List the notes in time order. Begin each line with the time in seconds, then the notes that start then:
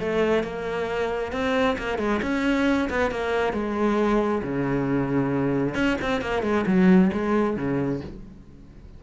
0.00 A3
0.44 A#3
1.33 C4
1.78 A#3
1.99 G#3
2.23 C#4
2.90 B3
3.11 A#3
3.53 G#3
4.43 C#3
5.75 C#4
6.02 C4
6.22 A#3
6.43 G#3
6.67 F#3
7.13 G#3
7.57 C#3